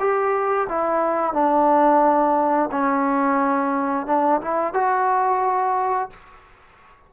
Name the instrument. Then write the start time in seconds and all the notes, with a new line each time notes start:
trombone
0.00 G4
0.69 E4
1.34 D4
2.72 C#4
4.07 D4
4.42 E4
4.74 F#4